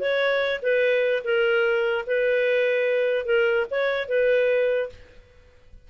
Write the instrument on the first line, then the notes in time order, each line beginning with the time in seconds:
clarinet
0.00 C#5
0.63 B4
1.24 A#4
2.07 B4
3.26 A#4
3.71 C#5
4.09 B4